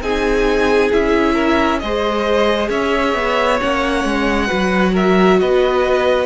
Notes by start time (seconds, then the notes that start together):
0.00 C4 D#4 G#4 G#5
0.91 C#4 E4 E5
1.34 A#4
1.79 G#3 G#4 C5 D#5
2.69 C#4 C#5 E5
3.14 B3
3.60 A#3 C#4 F#5
4.04 G#3
4.47 F#3 F#4 B4
4.93 A#4 E5
5.39 B3 B4 D#5